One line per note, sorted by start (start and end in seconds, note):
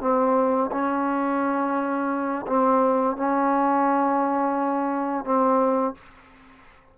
0.00 0.70 C4
0.71 2.45 C#4
2.46 3.16 C4
3.16 5.25 C#4
5.25 5.94 C4